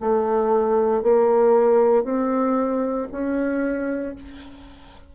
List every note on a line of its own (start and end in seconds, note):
0.00 1.02 A3
1.02 2.04 A#3
2.04 3.07 C4
3.11 4.15 C#4